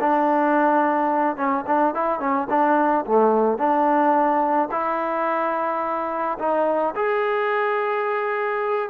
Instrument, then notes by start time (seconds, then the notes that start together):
trombone
0.00 D4
1.36 C#4
1.67 D4
1.94 E4
2.19 C#4
2.49 D4
3.06 A3
3.58 D4
4.71 E4
6.39 D#4
6.95 G#4